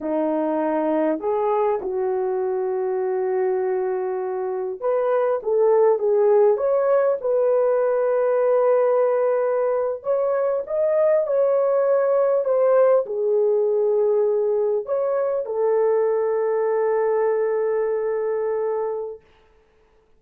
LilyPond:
\new Staff \with { instrumentName = "horn" } { \time 4/4 \tempo 4 = 100 dis'2 gis'4 fis'4~ | fis'1 | b'4 a'4 gis'4 cis''4 | b'1~ |
b'8. cis''4 dis''4 cis''4~ cis''16~ | cis''8. c''4 gis'2~ gis'16~ | gis'8. cis''4 a'2~ a'16~ | a'1 | }